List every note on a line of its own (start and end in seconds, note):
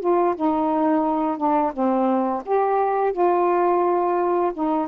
0.00 0.35 F4
0.36 1.37 D#4
1.37 1.72 D4
1.73 2.43 C4
2.45 3.12 G4
3.12 4.52 F4
4.53 4.88 D#4